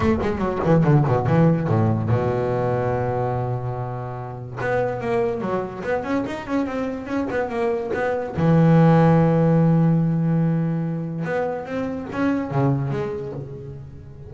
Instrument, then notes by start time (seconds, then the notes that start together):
double bass
0.00 A3
0.21 G#3
0.37 F#3
0.64 E3
0.83 D3
1.07 B2
1.26 E3
1.67 A2
2.09 B2
4.60 B3
5.01 A#3
5.41 F#3
5.83 B3
6.03 C#4
6.26 D#4
6.46 C#4
6.66 C4
7.06 C#4
7.30 B3
7.49 A#3
7.93 B3
8.36 E3
11.24 B3
11.65 C4
12.12 C#4
12.50 C#3
12.91 G#3